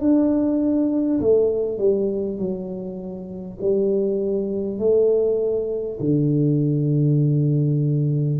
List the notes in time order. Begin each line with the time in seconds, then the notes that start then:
0.00 D4
1.20 A3
1.78 G3
2.38 F#3
3.61 G3
4.78 A3
6.00 D3